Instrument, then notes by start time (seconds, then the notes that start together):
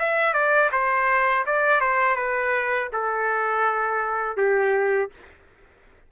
trumpet
0.00 E5
0.34 D5
0.72 C5
1.46 D5
1.81 C5
2.16 B4
2.93 A4
4.37 G4